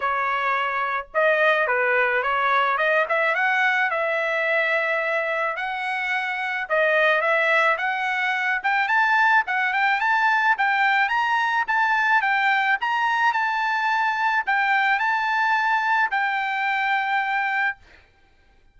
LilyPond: \new Staff \with { instrumentName = "trumpet" } { \time 4/4 \tempo 4 = 108 cis''2 dis''4 b'4 | cis''4 dis''8 e''8 fis''4 e''4~ | e''2 fis''2 | dis''4 e''4 fis''4. g''8 |
a''4 fis''8 g''8 a''4 g''4 | ais''4 a''4 g''4 ais''4 | a''2 g''4 a''4~ | a''4 g''2. | }